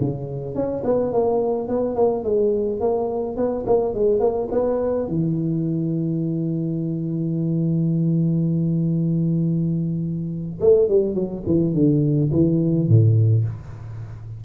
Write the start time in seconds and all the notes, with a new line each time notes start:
0.00 C#3
0.55 C#4
0.84 B3
1.12 A#3
1.68 B3
1.96 A#3
2.24 G#3
2.80 A#3
3.37 B3
3.66 A#3
3.94 G#3
4.20 A#3
4.52 B3
5.08 E3
10.61 A3
10.89 G3
11.15 F#3
11.46 E3
11.74 D3
12.32 E3
12.88 A2